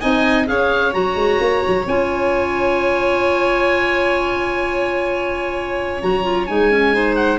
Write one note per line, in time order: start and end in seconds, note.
0.00 0.49 C4
0.00 0.46 D#4
0.00 0.46 D#5
0.00 0.46 G#5
0.46 0.94 C#4
0.46 0.92 G#4
0.46 6.94 C#5
0.46 0.93 F5
0.92 1.15 F#3
0.92 1.84 F#4
0.92 1.86 A#5
1.15 1.38 G#3
1.40 1.63 A#3
1.67 1.86 F#3
1.86 6.01 C#4
1.86 6.02 F4
1.86 6.02 G#5
6.02 6.49 F#3
6.02 6.23 F#4
6.02 6.46 A#5
6.23 6.46 F4
6.46 7.38 G#3
6.46 6.71 D#4
6.46 7.15 G#5
6.71 6.93 C#4
6.93 7.38 D#4
6.93 7.38 C5
7.15 7.38 F#5